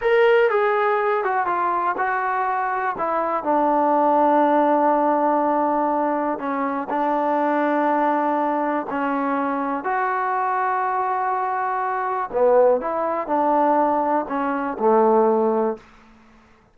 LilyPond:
\new Staff \with { instrumentName = "trombone" } { \time 4/4 \tempo 4 = 122 ais'4 gis'4. fis'8 f'4 | fis'2 e'4 d'4~ | d'1~ | d'4 cis'4 d'2~ |
d'2 cis'2 | fis'1~ | fis'4 b4 e'4 d'4~ | d'4 cis'4 a2 | }